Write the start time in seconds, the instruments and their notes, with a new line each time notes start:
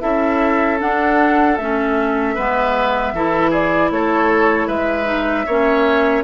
0.00 bassoon C#4, clarinet E4, oboe A4, flute E5
0.79 clarinet D4, bassoon D4, flute F#5
1.56 bassoon A3, clarinet C#4, flute E5
2.34 bassoon G#3, clarinet B3, oboe B4
3.12 bassoon E3, clarinet E4, oboe A4
3.50 oboe G#4, flute D5
3.90 bassoon A3, oboe A4, flute C#5
4.67 bassoon G#3, oboe B4, flute E5
5.05 clarinet D#4
5.46 bassoon A#3, clarinet C#4, oboe C#5